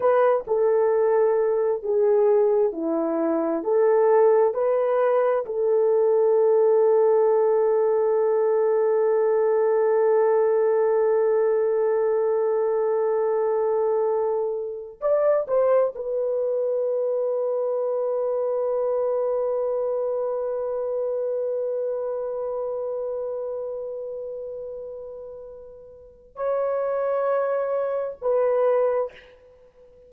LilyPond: \new Staff \with { instrumentName = "horn" } { \time 4/4 \tempo 4 = 66 b'8 a'4. gis'4 e'4 | a'4 b'4 a'2~ | a'1~ | a'1~ |
a'8 d''8 c''8 b'2~ b'8~ | b'1~ | b'1~ | b'4 cis''2 b'4 | }